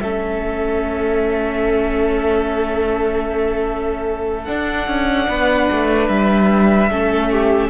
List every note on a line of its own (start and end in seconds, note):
0.00 4.48 A3
0.00 4.46 C#4
0.00 5.28 A4
0.00 4.44 E5
4.44 6.89 D4
4.44 4.87 D4
4.44 6.06 F#5
4.87 5.28 C#4
5.28 5.69 B3
5.28 6.90 B4
5.72 6.09 A3
6.09 6.90 G3
6.09 7.70 E5
6.90 7.70 A3
6.90 7.70 C#4
6.90 7.31 A4
7.31 7.70 G4